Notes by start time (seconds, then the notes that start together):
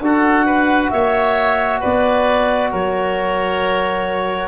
0.00 D4 F#4 A4 F#5
0.46 B4
0.90 A#3 C#5 E5
1.80 B3 B4 D5
2.71 F#3 A#4 C#5